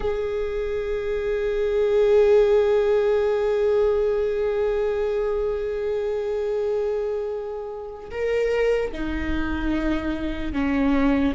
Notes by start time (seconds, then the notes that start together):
0.00 G#4
8.10 A#4
8.92 D#4
10.52 C#4